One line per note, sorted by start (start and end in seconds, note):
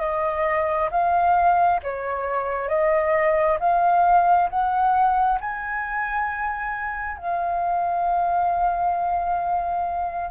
0.00 0.90 D#5
0.91 1.80 F5
1.83 2.69 C#5
2.69 3.58 D#5
3.60 4.49 F5
4.50 5.39 F#5
5.41 7.17 G#5
7.17 10.31 F5